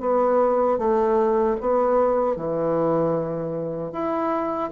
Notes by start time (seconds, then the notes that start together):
0.00 B3
0.78 A3
1.60 B3
2.36 E3
3.92 E4